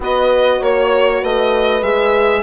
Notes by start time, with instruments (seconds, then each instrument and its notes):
0.00 bassoon B3, horn F#4 B4, violin D#5
0.58 bassoon A#3, horn C#5, violin C#5
1.21 bassoon A3, horn B4, violin D#5
1.82 bassoon G#3, horn G#4, violin E5